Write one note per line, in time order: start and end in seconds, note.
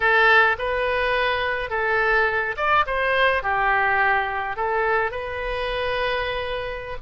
0.00 0.57 A4
0.58 1.69 B4
1.69 2.55 A4
2.56 2.85 D5
2.86 3.43 C5
3.43 4.56 G4
4.56 5.11 A4
5.11 6.97 B4